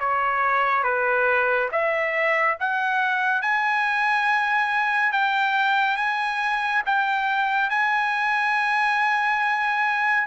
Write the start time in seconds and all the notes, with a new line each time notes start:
0.00 C#5
0.84 B4
1.72 E5
2.60 F#5
3.42 G#5
5.12 G5
5.97 G#5
6.86 G5
7.70 G#5